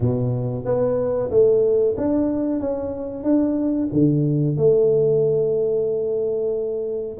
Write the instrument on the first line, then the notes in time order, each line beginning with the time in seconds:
tuba
0.00 B2
0.65 B3
1.30 A3
1.97 D4
2.60 C#4
3.23 D4
3.92 D3
4.57 A3